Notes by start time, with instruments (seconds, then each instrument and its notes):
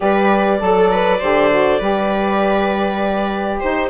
0.00 bassoon G3, saxophone G4, viola B4, clarinet D5
0.58 bassoon F#3, saxophone A4, viola A4
0.91 viola B4
1.20 bassoon D3, saxophone G4, viola C5
1.50 saxophone F#4
1.79 bassoon G3, saxophone G4, viola B4
3.59 bassoon D#4, viola C5, clarinet C5